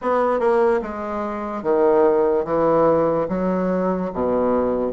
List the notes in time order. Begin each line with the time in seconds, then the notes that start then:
0.01 B3
0.39 A#3
0.82 G#3
1.63 D#3
2.44 E3
3.29 F#3
4.13 B2